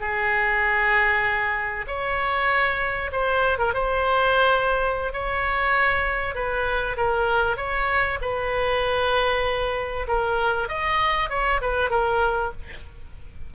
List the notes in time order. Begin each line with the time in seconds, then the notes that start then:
0.00 G#4
1.87 C#5
3.12 C5
3.58 A#4
3.73 C5
5.13 C#5
6.35 B4
6.97 A#4
7.57 C#5
8.21 B4
10.08 A#4
10.68 D#5
11.30 C#5
11.61 B4
11.90 A#4